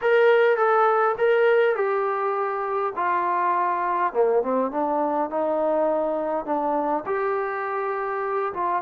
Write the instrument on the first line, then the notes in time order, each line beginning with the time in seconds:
trombone
0.01 A#4
0.56 A4
1.18 A#4
1.75 G4
2.96 F4
4.13 A#3
4.42 C4
4.71 D4
5.30 D#4
6.45 D4
7.06 G4
8.53 F4